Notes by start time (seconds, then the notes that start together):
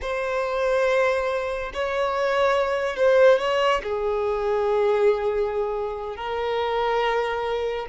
0.01 C5
1.73 C#5
2.96 C5
3.38 C#5
3.83 G#4
6.16 A#4